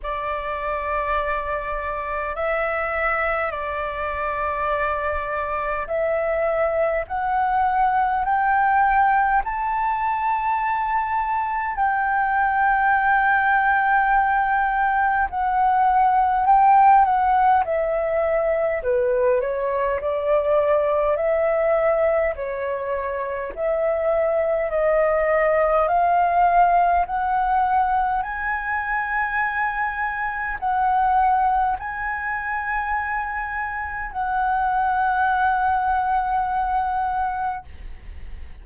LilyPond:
\new Staff \with { instrumentName = "flute" } { \time 4/4 \tempo 4 = 51 d''2 e''4 d''4~ | d''4 e''4 fis''4 g''4 | a''2 g''2~ | g''4 fis''4 g''8 fis''8 e''4 |
b'8 cis''8 d''4 e''4 cis''4 | e''4 dis''4 f''4 fis''4 | gis''2 fis''4 gis''4~ | gis''4 fis''2. | }